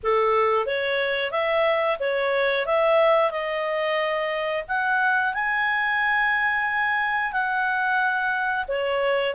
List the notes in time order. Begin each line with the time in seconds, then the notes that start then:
0.03 A4
0.66 C#5
1.31 E5
1.99 C#5
2.66 E5
3.30 D#5
4.68 F#5
5.33 G#5
7.32 F#5
8.68 C#5